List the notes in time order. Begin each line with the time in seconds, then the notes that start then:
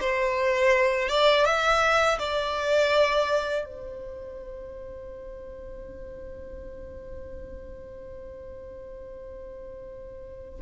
0.00 C5
1.09 D5
1.45 E5
2.19 D5
3.65 C5